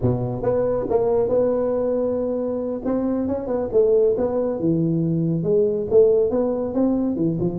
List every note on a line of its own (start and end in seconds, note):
0.01 0.42 B2
0.42 0.86 B3
0.89 1.28 A#3
1.28 2.81 B3
2.84 3.27 C4
3.27 3.47 C#4
3.47 3.69 B3
3.72 4.15 A3
4.17 4.59 B3
4.59 5.43 E3
5.43 5.86 G#3
5.90 6.30 A3
6.30 6.74 B3
6.74 7.16 C4
7.16 7.38 E3
7.40 7.59 F3